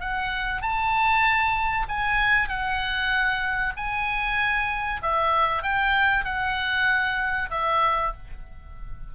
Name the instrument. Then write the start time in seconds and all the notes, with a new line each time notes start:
oboe
0.00 F#5
0.61 A5
1.88 G#5
2.48 F#5
3.76 G#5
5.02 E5
5.62 G5
6.24 F#5
7.50 E5